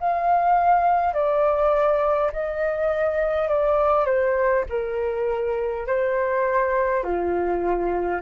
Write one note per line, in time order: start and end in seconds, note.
0.00 1.13 F5
1.13 2.31 D5
2.32 3.48 D#5
3.48 4.05 D5
4.05 4.64 C5
4.69 5.87 A#4
5.87 7.03 C5
7.03 8.21 F4